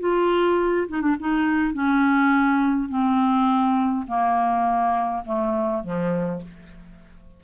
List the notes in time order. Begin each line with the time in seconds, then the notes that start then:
0.00 F4
0.88 D#4
1.01 D4
1.20 D#4
1.73 C#4
2.89 C4
4.07 A#3
5.25 A3
5.84 F3